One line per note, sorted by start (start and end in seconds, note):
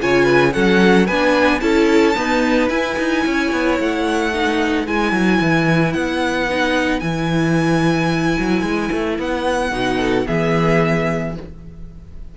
0.00 0.55 C#3
0.00 0.52 F4
0.00 0.23 C#5
0.00 0.53 G#5
0.23 0.50 B4
0.52 1.08 F#3
0.52 1.06 C#4
0.52 1.06 A4
0.52 1.07 F#5
1.06 1.61 B3
1.06 1.60 D4
1.06 1.60 B4
1.06 1.60 G#5
1.60 2.15 C#4
1.60 2.15 E4
1.60 2.16 A4
1.60 2.68 A5
2.15 2.69 B3
2.15 2.69 D#4
2.15 3.24 B4
2.69 2.97 E4
2.69 4.32 E4
2.69 3.77 G#5
2.98 3.25 D#4
3.25 3.52 C#4
3.25 4.33 C#5
3.52 3.79 B3
3.79 4.87 A3
3.79 4.87 F#5
4.33 4.85 D#4
4.33 9.97 B4
4.85 5.12 G#3
4.85 6.48 E4
4.85 5.93 G#5
5.12 5.39 F#3
5.41 5.94 E3
5.93 7.02 B3
5.93 7.00 F#5
6.50 7.01 D#4
7.00 8.37 E3
7.00 9.71 E4
7.00 9.16 G#5
8.39 8.62 F#3
8.62 8.89 G#3
8.92 9.18 A3
9.18 9.71 B3
9.18 10.27 F#5
9.71 10.25 B2
9.71 10.26 D#4
9.97 10.24 A4
10.27 11.37 E3
10.27 11.35 B3
10.27 11.35 G#4
10.27 11.35 E5